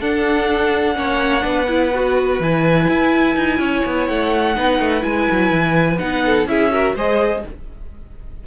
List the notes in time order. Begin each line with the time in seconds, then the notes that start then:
0.00 D4 A4 F#5
0.95 A#3 C#4 C#5
1.40 B3 D4 B4
1.68 E4
1.94 F#4
2.40 E3 E4 G#5
2.89 E4
3.36 D#4
3.59 C#4 C#5
3.85 B3
4.08 A3 F#5
4.55 B3 D#4 B4
4.79 A3
5.00 G#3 E4 G#5
5.31 F#3
5.51 E3
5.99 B3 D#4 F#5
6.25 A4
6.46 C#4 E4 G#4 E5
6.71 F#4 A#4
6.95 G#3 G#4 C5 D#5